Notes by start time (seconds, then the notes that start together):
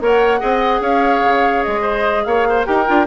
0.00 A#3 A#4 C#5 F#5
0.39 C4 G#4 D#5
0.80 C#4 C#5 F5
1.23 C#3
1.63 G#3 D#5
1.81 C5
2.24 A#3 C#5 F5
2.49 C5
2.65 D#4 G4 A#4 G5
2.86 D4 F4